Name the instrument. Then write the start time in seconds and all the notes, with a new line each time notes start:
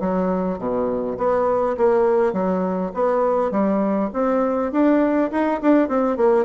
bassoon
0.00 F#3
0.59 B2
1.18 B3
1.78 A#3
2.33 F#3
2.94 B3
3.51 G3
4.13 C4
4.72 D4
5.31 D#4
5.62 D4
5.89 C4
6.17 A#3